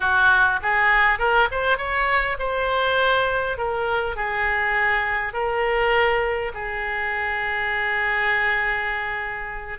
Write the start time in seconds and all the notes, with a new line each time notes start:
0.00 F#4
0.62 G#4
1.18 A#4
1.51 C5
1.77 C#5
2.38 C5
3.57 A#4
4.16 G#4
5.33 A#4
6.54 G#4